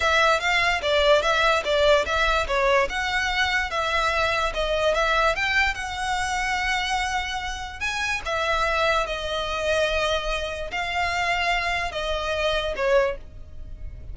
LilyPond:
\new Staff \with { instrumentName = "violin" } { \time 4/4 \tempo 4 = 146 e''4 f''4 d''4 e''4 | d''4 e''4 cis''4 fis''4~ | fis''4 e''2 dis''4 | e''4 g''4 fis''2~ |
fis''2. gis''4 | e''2 dis''2~ | dis''2 f''2~ | f''4 dis''2 cis''4 | }